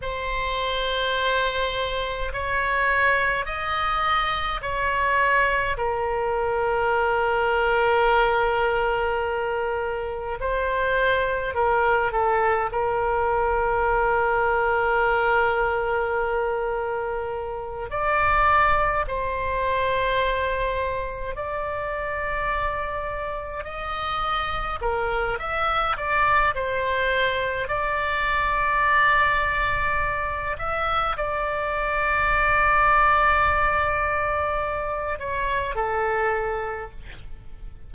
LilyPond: \new Staff \with { instrumentName = "oboe" } { \time 4/4 \tempo 4 = 52 c''2 cis''4 dis''4 | cis''4 ais'2.~ | ais'4 c''4 ais'8 a'8 ais'4~ | ais'2.~ ais'8 d''8~ |
d''8 c''2 d''4.~ | d''8 dis''4 ais'8 e''8 d''8 c''4 | d''2~ d''8 e''8 d''4~ | d''2~ d''8 cis''8 a'4 | }